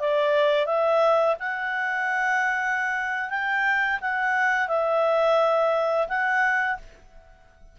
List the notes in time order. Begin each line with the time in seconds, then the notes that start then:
0.00 D5
0.66 E5
1.40 F#5
3.30 G5
4.01 F#5
4.68 E5
6.08 F#5